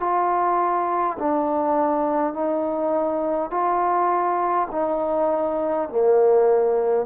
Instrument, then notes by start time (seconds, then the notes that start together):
trombone
0.00 F4
1.19 D4
2.34 D#4
3.51 F4
4.72 D#4
5.89 A#3